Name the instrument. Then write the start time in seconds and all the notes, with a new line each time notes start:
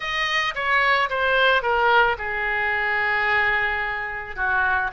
oboe
0.00 D#5
0.54 C#5
1.09 C5
1.62 A#4
2.18 G#4
4.36 F#4